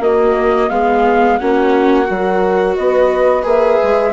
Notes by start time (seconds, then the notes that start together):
0.00 A#3 F#4 D#5
0.70 G#3 B3 G#4 F5
1.37 A#3 C#4 F#4 F#5
2.05 F#3 F#4 A#4
2.76 B3 B4 D#5
3.43 A#3 G#4 E5
3.83 G#3